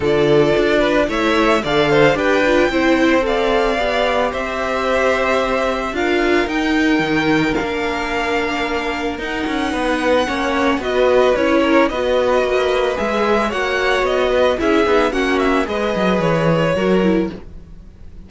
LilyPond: <<
  \new Staff \with { instrumentName = "violin" } { \time 4/4 \tempo 4 = 111 d''2 e''4 f''4 | g''2 f''2 | e''2. f''4 | g''2 f''2~ |
f''4 fis''2. | dis''4 cis''4 dis''2 | e''4 fis''4 dis''4 e''4 | fis''8 e''8 dis''4 cis''2 | }
  \new Staff \with { instrumentName = "violin" } { \time 4/4 a'4. b'8 cis''4 d''8 c''8 | b'4 c''4 d''2 | c''2. ais'4~ | ais'1~ |
ais'2 b'4 cis''4 | b'4. ais'8 b'2~ | b'4 cis''4. b'8 gis'4 | fis'4 b'2 ais'4 | }
  \new Staff \with { instrumentName = "viola" } { \time 4/4 f'2 e'4 a'4 | g'8 f'8 e'4 a'4 g'4~ | g'2. f'4 | dis'2 d'2~ |
d'4 dis'2 cis'4 | fis'4 e'4 fis'2 | gis'4 fis'2 e'8 dis'8 | cis'4 gis'2 fis'8 e'8 | }
  \new Staff \with { instrumentName = "cello" } { \time 4/4 d4 d'4 a4 d4 | d'4 c'2 b4 | c'2. d'4 | dis'4 dis4 ais2~ |
ais4 dis'8 cis'8 b4 ais4 | b4 cis'4 b4 ais4 | gis4 ais4 b4 cis'8 b8 | ais4 gis8 fis8 e4 fis4 | }
>>